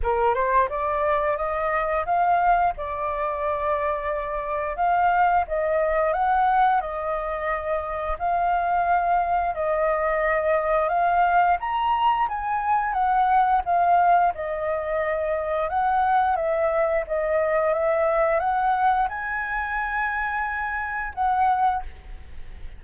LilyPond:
\new Staff \with { instrumentName = "flute" } { \time 4/4 \tempo 4 = 88 ais'8 c''8 d''4 dis''4 f''4 | d''2. f''4 | dis''4 fis''4 dis''2 | f''2 dis''2 |
f''4 ais''4 gis''4 fis''4 | f''4 dis''2 fis''4 | e''4 dis''4 e''4 fis''4 | gis''2. fis''4 | }